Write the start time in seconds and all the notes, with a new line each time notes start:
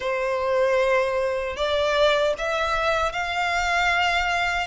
0.00 C5
1.56 D5
2.38 E5
3.12 F5